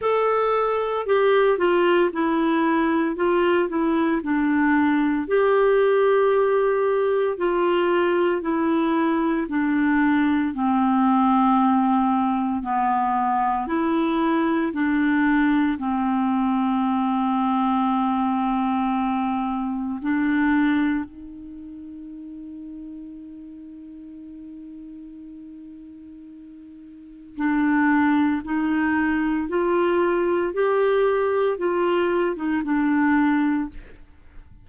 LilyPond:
\new Staff \with { instrumentName = "clarinet" } { \time 4/4 \tempo 4 = 57 a'4 g'8 f'8 e'4 f'8 e'8 | d'4 g'2 f'4 | e'4 d'4 c'2 | b4 e'4 d'4 c'4~ |
c'2. d'4 | dis'1~ | dis'2 d'4 dis'4 | f'4 g'4 f'8. dis'16 d'4 | }